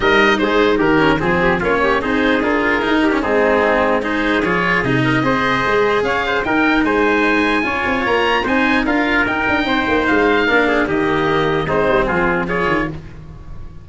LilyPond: <<
  \new Staff \with { instrumentName = "oboe" } { \time 4/4 \tempo 4 = 149 dis''4 c''4 ais'4 gis'4 | cis''4 c''4 ais'2 | gis'2 c''4 cis''4 | dis''2. f''4 |
g''4 gis''2. | ais''4 gis''4 f''4 g''4~ | g''4 f''2 dis''4~ | dis''4 c''4 gis'4 cis''4 | }
  \new Staff \with { instrumentName = "trumpet" } { \time 4/4 ais'4 gis'4 g'4 gis'8 g'8 | f'8 g'8 gis'2~ gis'8 g'8 | dis'2 gis'2~ | gis'8 ais'8 c''2 cis''8 c''8 |
ais'4 c''2 cis''4~ | cis''4 c''4 ais'2 | c''2 ais'8 gis'8 g'4~ | g'4 dis'4 f'4 gis'4 | }
  \new Staff \with { instrumentName = "cello" } { \time 4/4 dis'2~ dis'8 cis'8 c'4 | cis'4 dis'4 f'4 dis'8. cis'16 | c'2 dis'4 f'4 | dis'4 gis'2. |
dis'2. f'4~ | f'4 dis'4 f'4 dis'4~ | dis'2 d'4 ais4~ | ais4 c'2 f'4 | }
  \new Staff \with { instrumentName = "tuba" } { \time 4/4 g4 gis4 dis4 f4 | ais4 c'4 d'4 dis'4 | gis2. f4 | c4 c'4 gis4 cis'4 |
dis'4 gis2 cis'8 c'8 | ais4 c'4 d'4 dis'8 d'8 | c'8 ais8 gis4 ais4 dis4~ | dis4 gis8 g8 f4. dis8 | }
>>